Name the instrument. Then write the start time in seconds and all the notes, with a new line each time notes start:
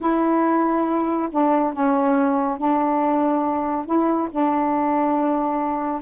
saxophone
0.00 E4
1.31 D4
1.73 C#4
2.58 D4
3.85 E4
4.31 D4